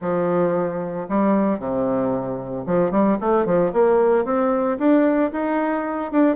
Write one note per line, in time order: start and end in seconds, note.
0.01 1.07 F3
1.08 1.59 G3
1.59 2.65 C3
2.66 2.91 F3
2.91 3.17 G3
3.20 3.45 A3
3.45 3.72 F3
3.72 4.25 A#3
4.25 4.78 C4
4.78 5.31 D4
5.31 6.11 D#4
6.11 6.36 D4